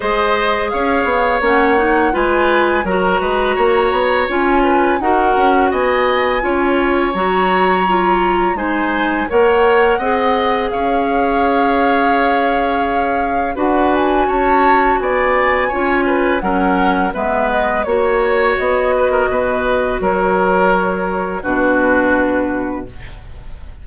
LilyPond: <<
  \new Staff \with { instrumentName = "flute" } { \time 4/4 \tempo 4 = 84 dis''4 f''4 fis''4 gis''4 | ais''2 gis''4 fis''4 | gis''2 ais''2 | gis''4 fis''2 f''4~ |
f''2. fis''8 gis''8 | a''4 gis''2 fis''4 | e''8 dis''8 cis''4 dis''2 | cis''2 b'2 | }
  \new Staff \with { instrumentName = "oboe" } { \time 4/4 c''4 cis''2 b'4 | ais'8 b'8 cis''4. b'8 ais'4 | dis''4 cis''2. | c''4 cis''4 dis''4 cis''4~ |
cis''2. b'4 | cis''4 d''4 cis''8 b'8 ais'4 | b'4 cis''4. b'16 ais'16 b'4 | ais'2 fis'2 | }
  \new Staff \with { instrumentName = "clarinet" } { \time 4/4 gis'2 cis'8 dis'8 f'4 | fis'2 f'4 fis'4~ | fis'4 f'4 fis'4 f'4 | dis'4 ais'4 gis'2~ |
gis'2. fis'4~ | fis'2 f'4 cis'4 | b4 fis'2.~ | fis'2 d'2 | }
  \new Staff \with { instrumentName = "bassoon" } { \time 4/4 gis4 cis'8 b8 ais4 gis4 | fis8 gis8 ais8 b8 cis'4 dis'8 cis'8 | b4 cis'4 fis2 | gis4 ais4 c'4 cis'4~ |
cis'2. d'4 | cis'4 b4 cis'4 fis4 | gis4 ais4 b4 b,4 | fis2 b,2 | }
>>